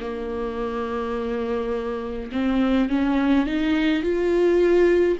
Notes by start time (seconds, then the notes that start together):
0.00 A#3
2.32 C4
2.89 C#4
3.46 D#4
4.03 F4